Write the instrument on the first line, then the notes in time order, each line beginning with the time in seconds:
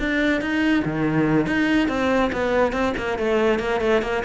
cello
0.00 D4
0.42 D#4
0.85 D#3
1.47 D#4
1.89 C4
2.33 B3
2.73 C4
2.98 A#3
3.19 A3
3.60 A#3
3.81 A3
4.02 A#3